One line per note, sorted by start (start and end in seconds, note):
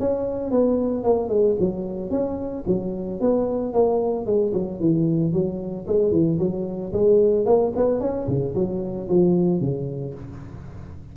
0.00 0.51 C#4
0.51 1.04 B3
1.04 1.29 A#3
1.29 1.56 G#3
1.60 2.11 F#3
2.11 2.64 C#4
2.67 3.21 F#3
3.21 3.74 B3
3.74 4.27 A#3
4.27 4.53 G#3
4.54 4.80 F#3
4.80 5.33 E3
5.33 5.87 F#3
5.88 6.12 G#3
6.12 6.39 E3
6.39 6.93 F#3
6.94 7.46 G#3
7.46 7.73 A#3
7.76 8.01 B3
8.01 8.28 C#4
8.28 8.55 C#3
8.55 9.09 F#3
9.09 9.61 F3
9.61 10.14 C#3